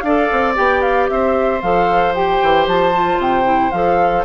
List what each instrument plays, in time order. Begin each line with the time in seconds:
0.00 bassoon D4, clarinet A4, oboe D5, flute F5
0.32 bassoon C4
0.55 bassoon B3, clarinet G4, flute G5
0.81 flute F5
1.08 bassoon C4, oboe C5, flute E5
1.61 bassoon F3, clarinet A4, flute F5
2.14 clarinet G4, flute G5
2.42 bassoon E3
2.67 bassoon F3, flute A5
2.92 clarinet F4
3.18 bassoon C3, flute G5
3.44 clarinet E4
3.71 bassoon F3, clarinet A4, flute F5